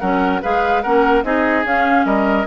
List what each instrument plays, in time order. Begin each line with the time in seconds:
0.00 bassoon F#3, clarinet C#4, oboe A#4, flute F#5
0.42 bassoon G#3, clarinet G#4, oboe B4, flute F5
0.82 bassoon A#3, clarinet C#4, oboe A#4, flute F#5
1.24 bassoon C4, clarinet D#4, oboe G#4, flute D#5
1.65 bassoon C#4, clarinet C#4, flute F5
2.05 bassoon G3, oboe A#4, flute D#5